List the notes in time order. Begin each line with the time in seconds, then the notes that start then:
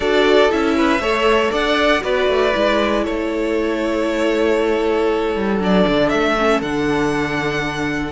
0.00 D4 F#4 A4 D5
0.50 C#4 E4 E5
0.76 B4
0.99 A3 A4 C#5
1.51 D4 D5 F#5
2.01 B3 F#4 B4 D5
2.28 A3
2.54 G#3 E4
3.03 A3 A4 C#5
5.35 G3
5.59 F#3 D4 D5
5.87 D3
6.09 A3 E5
6.38 C#4
6.61 D3 D4 F#5